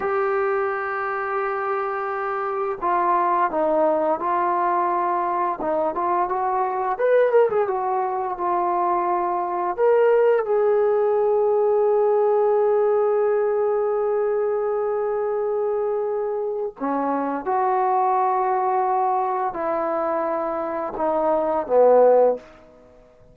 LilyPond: \new Staff \with { instrumentName = "trombone" } { \time 4/4 \tempo 4 = 86 g'1 | f'4 dis'4 f'2 | dis'8 f'8 fis'4 b'8 ais'16 gis'16 fis'4 | f'2 ais'4 gis'4~ |
gis'1~ | gis'1 | cis'4 fis'2. | e'2 dis'4 b4 | }